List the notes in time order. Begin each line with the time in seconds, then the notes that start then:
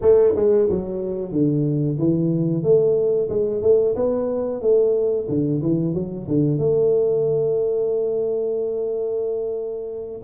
0.01 A3
0.35 G#3
0.69 F#3
1.32 D3
1.98 E3
2.63 A3
3.29 G#3
3.62 A3
3.95 B3
4.61 A3
5.28 D3
5.62 E3
5.93 F#3
6.27 D3
6.58 A3